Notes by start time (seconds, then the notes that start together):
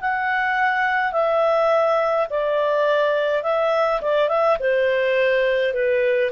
0.00 F#5
1.12 E5
2.29 D5
3.43 E5
4.01 D5
4.28 E5
4.59 C5
5.73 B4